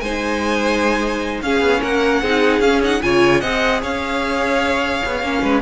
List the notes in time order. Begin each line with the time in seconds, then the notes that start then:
0.00 G#3 D#4 C5 G#5
1.42 C#4 G#4 F5
1.60 B3
1.81 A#3 A#4 F#5
2.21 C4 D#4 G#4
2.60 C#4 F5
2.82 D#4 F#5
3.02 C#3 F4 C#5 G#5
3.41 C4 G#4 D#5 F#5
3.82 C#4 C#5 F5
5.05 B3
5.22 A#3 C#4
5.42 G#3 B4